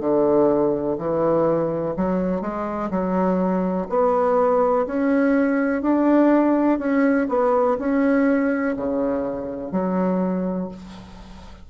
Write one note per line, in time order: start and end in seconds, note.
0.00 0.97 D3
0.98 1.95 E3
1.96 2.41 F#3
2.41 2.90 G#3
2.90 3.87 F#3
3.89 4.86 B3
4.87 5.82 C#4
5.82 6.79 D4
6.79 7.27 C#4
7.28 7.77 B3
7.79 8.76 C#4
8.76 9.72 C#3
9.72 10.68 F#3